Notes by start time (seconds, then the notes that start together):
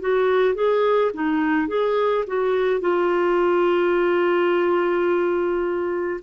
0.00 F#4
0.55 G#4
1.14 D#4
1.68 G#4
2.27 F#4
2.81 F4